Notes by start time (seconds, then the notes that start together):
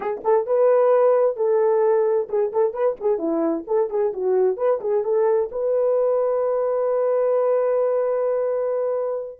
0.00 G#4
0.24 A4
0.46 B4
1.36 A4
2.29 G#4
2.52 A4
2.73 B4
3.00 G#4
3.18 E4
3.67 A4
3.89 G#4
4.13 F#4
4.57 B4
4.80 G#4
5.03 A4
5.51 B4